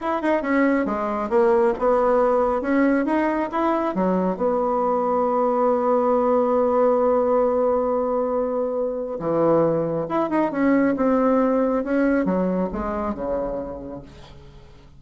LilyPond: \new Staff \with { instrumentName = "bassoon" } { \time 4/4 \tempo 4 = 137 e'8 dis'8 cis'4 gis4 ais4 | b2 cis'4 dis'4 | e'4 fis4 b2~ | b1~ |
b1~ | b4 e2 e'8 dis'8 | cis'4 c'2 cis'4 | fis4 gis4 cis2 | }